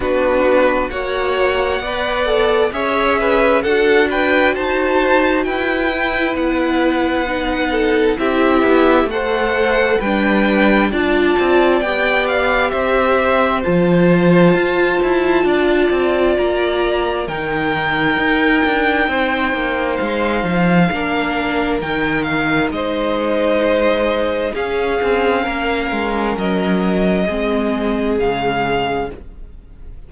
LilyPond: <<
  \new Staff \with { instrumentName = "violin" } { \time 4/4 \tempo 4 = 66 b'4 fis''2 e''4 | fis''8 g''8 a''4 g''4 fis''4~ | fis''4 e''4 fis''4 g''4 | a''4 g''8 f''8 e''4 a''4~ |
a''2 ais''4 g''4~ | g''2 f''2 | g''8 f''8 dis''2 f''4~ | f''4 dis''2 f''4 | }
  \new Staff \with { instrumentName = "violin" } { \time 4/4 fis'4 cis''4 d''4 cis''8 b'8 | a'8 b'8 c''4 b'2~ | b'8 a'8 g'4 c''4 b'4 | d''2 c''2~ |
c''4 d''2 ais'4~ | ais'4 c''2 ais'4~ | ais'4 c''2 gis'4 | ais'2 gis'2 | }
  \new Staff \with { instrumentName = "viola" } { \time 4/4 d'4 fis'4 b'8 a'8 gis'4 | fis'2~ fis'8 e'4. | dis'4 e'4 a'4 d'4 | f'4 g'2 f'4~ |
f'2. dis'4~ | dis'2. d'4 | dis'2. cis'4~ | cis'2 c'4 gis4 | }
  \new Staff \with { instrumentName = "cello" } { \time 4/4 b4 ais4 b4 cis'4 | d'4 dis'4 e'4 b4~ | b4 c'8 b8 a4 g4 | d'8 c'8 b4 c'4 f4 |
f'8 e'8 d'8 c'8 ais4 dis4 | dis'8 d'8 c'8 ais8 gis8 f8 ais4 | dis4 gis2 cis'8 c'8 | ais8 gis8 fis4 gis4 cis4 | }
>>